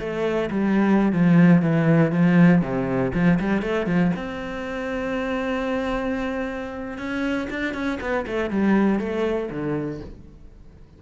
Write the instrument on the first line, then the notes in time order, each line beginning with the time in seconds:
cello
0.00 A3
0.51 G3
1.13 F3
1.62 E3
2.12 F3
2.62 C3
3.14 F3
3.40 G3
3.62 A3
3.87 F3
4.16 C4
6.98 C#4
7.50 D4
7.74 C#4
8.01 B3
8.27 A3
8.51 G3
8.99 A3
9.51 D3